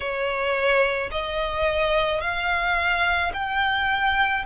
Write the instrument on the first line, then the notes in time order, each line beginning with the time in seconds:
violin
0.00 C#5
1.11 D#5
2.20 F5
3.33 G5